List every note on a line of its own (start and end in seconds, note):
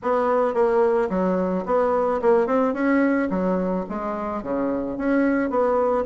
0.02 0.54 B3
0.54 1.09 A#3
1.09 1.64 F#3
1.65 2.20 B3
2.21 2.46 A#3
2.46 2.73 C4
2.73 3.28 C#4
3.30 3.85 F#3
3.89 4.43 G#3
4.43 4.97 C#3
4.97 5.49 C#4
5.49 6.05 B3